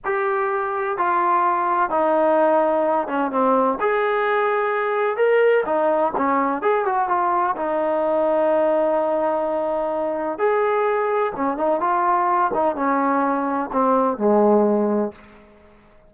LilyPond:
\new Staff \with { instrumentName = "trombone" } { \time 4/4 \tempo 4 = 127 g'2 f'2 | dis'2~ dis'8 cis'8 c'4 | gis'2. ais'4 | dis'4 cis'4 gis'8 fis'8 f'4 |
dis'1~ | dis'2 gis'2 | cis'8 dis'8 f'4. dis'8 cis'4~ | cis'4 c'4 gis2 | }